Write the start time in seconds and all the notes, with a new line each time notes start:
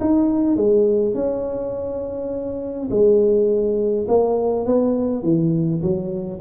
0.00 D#4
0.56 G#3
1.14 C#4
2.90 G#3
4.08 A#3
4.66 B3
5.22 E3
5.81 F#3